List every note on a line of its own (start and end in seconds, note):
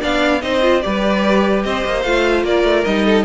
0.00 0.43 B3
0.00 0.41 D4
0.00 0.41 D5
0.00 0.41 F5
0.41 0.83 C4
0.41 0.62 D#4
0.41 0.84 C5
0.41 0.82 D#5
0.62 0.82 F4
0.82 1.65 G3
0.82 2.04 G4
0.82 1.65 B4
0.82 1.63 D5
1.63 1.85 C4
1.63 2.46 C5
1.63 2.02 D#5
1.85 2.05 A#3
2.02 2.44 A3
2.02 2.85 F4
2.02 2.43 F5
2.44 2.63 A#3
2.44 3.05 A#4
2.44 2.85 D5
2.63 2.83 A3
2.85 3.24 G3
2.85 3.24 D#4
2.85 3.24 D#5
3.05 3.24 A4